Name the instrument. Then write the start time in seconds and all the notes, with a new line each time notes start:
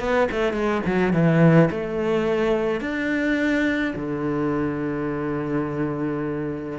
cello
0.00 B3
0.31 A3
0.53 G#3
0.86 F#3
1.13 E3
1.71 A3
2.81 D4
3.96 D3